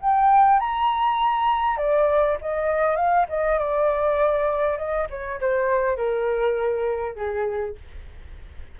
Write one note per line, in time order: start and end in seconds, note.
0.00 0.59 G5
0.59 1.77 A#5
1.77 2.37 D5
2.41 2.96 D#5
2.96 3.26 F5
3.28 3.58 D#5
3.58 4.77 D5
4.77 5.07 D#5
5.10 5.40 C#5
5.40 5.96 C5
5.96 7.15 A#4
7.15 7.75 G#4